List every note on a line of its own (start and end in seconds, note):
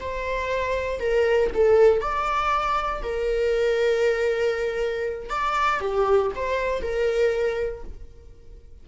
0.00 1.00 C5
1.00 1.50 A#4
1.54 2.01 A4
2.01 3.02 D5
3.02 5.30 A#4
5.30 5.80 D5
5.80 6.31 G4
6.35 6.82 C5
6.82 7.83 A#4